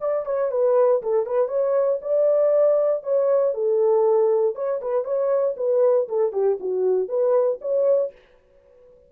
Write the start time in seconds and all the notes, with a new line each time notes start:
0.00 D5
0.25 C#5
0.51 B4
1.02 A4
1.26 B4
1.48 C#5
2.01 D5
3.03 C#5
3.54 A4
4.55 C#5
4.81 B4
5.04 C#5
5.57 B4
6.08 A4
6.32 G4
6.60 F#4
7.08 B4
7.61 C#5